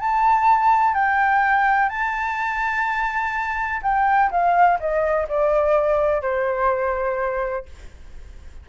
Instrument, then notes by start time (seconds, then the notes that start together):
flute
0.00 A5
0.94 G5
1.89 A5
3.82 G5
4.31 F5
4.80 D#5
5.29 D5
6.22 C5